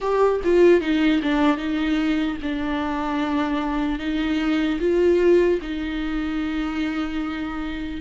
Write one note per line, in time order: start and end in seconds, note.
0.01 0.41 G4
0.44 0.80 F4
0.80 1.20 D#4
1.22 1.57 D4
1.57 2.37 D#4
2.42 3.99 D4
3.99 4.79 D#4
4.80 5.60 F4
5.61 8.01 D#4